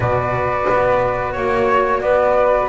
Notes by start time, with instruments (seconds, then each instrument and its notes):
0.00 double bass B2, cello F#4, flute B4 D5
0.69 double bass B3
1.32 double bass A#3, flute C#5
2.01 double bass B3, flute B4 D5